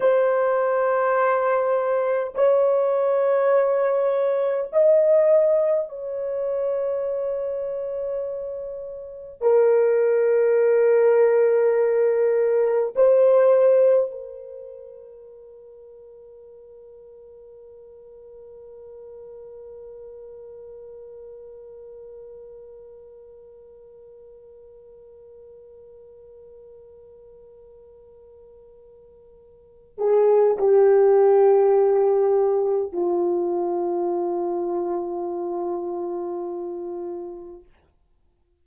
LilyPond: \new Staff \with { instrumentName = "horn" } { \time 4/4 \tempo 4 = 51 c''2 cis''2 | dis''4 cis''2. | ais'2. c''4 | ais'1~ |
ais'1~ | ais'1~ | ais'4. gis'8 g'2 | f'1 | }